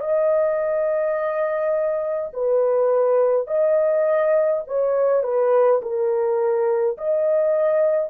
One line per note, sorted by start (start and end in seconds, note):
0.00 2.31 D#5
2.33 3.47 B4
3.47 4.62 D#5
4.67 5.23 C#5
5.23 5.81 B4
5.82 6.97 A#4
6.97 8.10 D#5